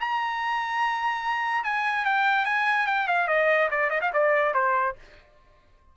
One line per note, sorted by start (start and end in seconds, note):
0.00 1.64 A#5
1.64 2.05 G#5
2.05 2.45 G5
2.45 2.87 G#5
2.87 3.08 G5
3.08 3.27 F5
3.27 3.69 D#5
3.71 3.90 D5
3.90 4.00 D#5
4.01 4.12 F5
4.13 4.54 D5
4.54 4.95 C5